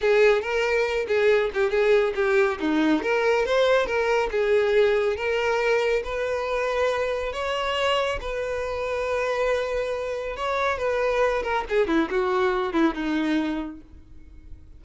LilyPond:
\new Staff \with { instrumentName = "violin" } { \time 4/4 \tempo 4 = 139 gis'4 ais'4. gis'4 g'8 | gis'4 g'4 dis'4 ais'4 | c''4 ais'4 gis'2 | ais'2 b'2~ |
b'4 cis''2 b'4~ | b'1 | cis''4 b'4. ais'8 gis'8 e'8 | fis'4. e'8 dis'2 | }